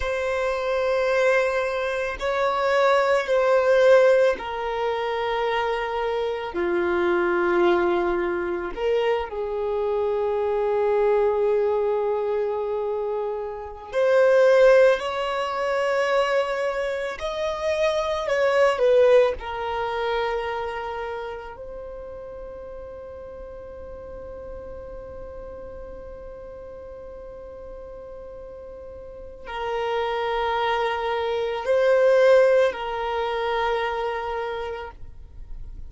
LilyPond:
\new Staff \with { instrumentName = "violin" } { \time 4/4 \tempo 4 = 55 c''2 cis''4 c''4 | ais'2 f'2 | ais'8 gis'2.~ gis'8~ | gis'8. c''4 cis''2 dis''16~ |
dis''8. cis''8 b'8 ais'2 c''16~ | c''1~ | c''2. ais'4~ | ais'4 c''4 ais'2 | }